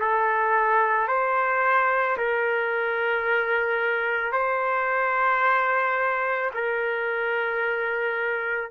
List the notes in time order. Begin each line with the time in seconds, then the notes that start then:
0.00 A4
1.08 C5
2.18 A#4
4.32 C5
6.54 A#4